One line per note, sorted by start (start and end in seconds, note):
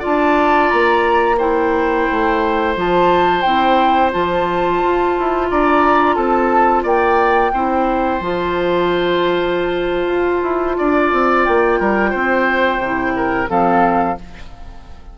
0.00 0.73 D4
0.00 1.36 F4
0.00 1.37 D5
0.00 0.71 A5
0.71 2.10 A#3
0.71 1.39 A#5
1.38 2.76 E4
1.38 5.47 C5
1.38 2.76 G5
2.11 2.77 A3
2.76 3.45 F3
2.76 3.44 F4
2.76 3.42 A5
3.42 4.14 C4
3.42 4.12 E4
3.42 4.10 G5
4.12 4.83 F3
4.12 7.53 F4
4.12 5.50 A5
4.85 5.19 F4
5.19 5.52 E4
5.50 6.17 D4
5.50 6.16 D5
5.50 6.16 A#5
6.16 6.84 C4
6.16 6.84 A4
6.16 6.84 A5
6.84 7.53 A#3
6.84 7.52 D5
6.84 8.22 G5
7.54 8.21 C4
7.54 8.22 E4
7.54 10.78 C5
8.21 10.07 F3
8.21 12.82 F4
8.21 11.44 A5
10.07 10.41 F4
10.43 10.77 E4
10.78 11.13 D4
10.78 11.80 D5
11.13 11.47 C4
11.44 11.80 A#3
11.44 13.49 G5
11.80 12.14 G3
11.80 12.11 A#4
12.11 12.79 C4
12.11 13.13 C5
12.79 13.48 C3
12.79 13.48 E4
13.17 13.50 A#4
13.48 14.18 F3
13.48 14.16 C4
13.48 14.18 A4
13.48 14.19 F5